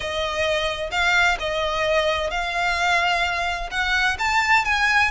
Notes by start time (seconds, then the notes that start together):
0.00 D#5
0.91 F5
1.39 D#5
2.30 F5
3.70 F#5
4.18 A5
4.64 G#5